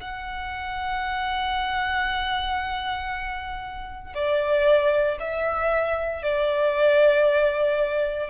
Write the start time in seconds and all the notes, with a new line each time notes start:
0.00 F#5
4.15 D5
5.20 E5
6.23 D5